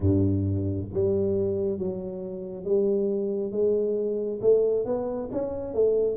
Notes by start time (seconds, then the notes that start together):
0.00 G2
0.93 G3
1.78 F#3
2.64 G3
3.51 G#3
4.41 A3
4.85 B3
5.32 C#4
5.74 A3